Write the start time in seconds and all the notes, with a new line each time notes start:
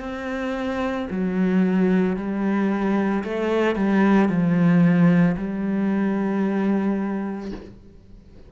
0.00 C4
1.11 F#3
2.16 G3
3.24 A3
3.76 G3
4.29 F3
5.37 G3